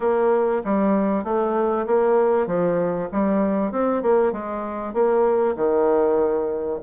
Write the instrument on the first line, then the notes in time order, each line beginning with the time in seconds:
bassoon
0.00 A#3
0.64 G3
1.24 A3
1.86 A#3
2.47 F3
3.12 G3
3.71 C4
4.02 A#3
4.32 G#3
4.93 A#3
5.56 D#3